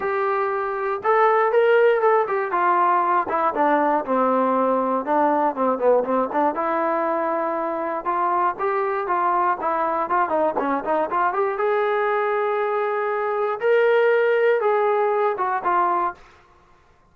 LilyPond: \new Staff \with { instrumentName = "trombone" } { \time 4/4 \tempo 4 = 119 g'2 a'4 ais'4 | a'8 g'8 f'4. e'8 d'4 | c'2 d'4 c'8 b8 | c'8 d'8 e'2. |
f'4 g'4 f'4 e'4 | f'8 dis'8 cis'8 dis'8 f'8 g'8 gis'4~ | gis'2. ais'4~ | ais'4 gis'4. fis'8 f'4 | }